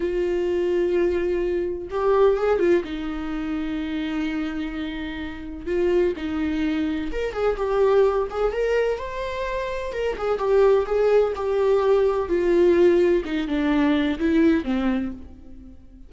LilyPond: \new Staff \with { instrumentName = "viola" } { \time 4/4 \tempo 4 = 127 f'1 | g'4 gis'8 f'8 dis'2~ | dis'1 | f'4 dis'2 ais'8 gis'8 |
g'4. gis'8 ais'4 c''4~ | c''4 ais'8 gis'8 g'4 gis'4 | g'2 f'2 | dis'8 d'4. e'4 c'4 | }